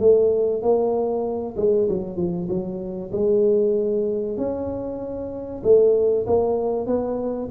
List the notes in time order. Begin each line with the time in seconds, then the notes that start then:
0.00 A3
0.62 A#3
1.57 G#3
1.88 F#3
2.16 F3
2.48 F#3
3.12 G#3
4.37 C#4
5.63 A3
6.26 A#3
6.87 B3